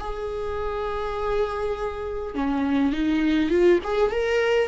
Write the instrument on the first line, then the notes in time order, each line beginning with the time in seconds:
viola
0.00 G#4
2.35 C#4
2.93 D#4
3.50 F4
3.84 G#4
4.11 A#4